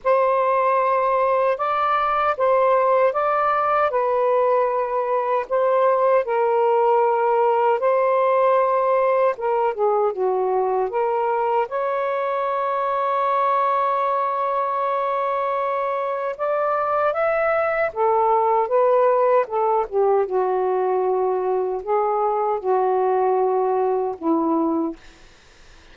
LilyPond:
\new Staff \with { instrumentName = "saxophone" } { \time 4/4 \tempo 4 = 77 c''2 d''4 c''4 | d''4 b'2 c''4 | ais'2 c''2 | ais'8 gis'8 fis'4 ais'4 cis''4~ |
cis''1~ | cis''4 d''4 e''4 a'4 | b'4 a'8 g'8 fis'2 | gis'4 fis'2 e'4 | }